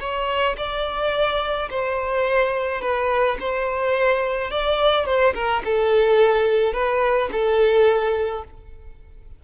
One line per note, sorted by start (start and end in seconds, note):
0.00 0.56 C#5
0.57 1.69 D5
1.70 2.81 C5
2.81 3.37 B4
3.40 4.51 C5
4.51 5.06 D5
5.06 5.34 C5
5.34 5.63 A#4
5.65 6.73 A4
6.73 7.29 B4
7.32 8.44 A4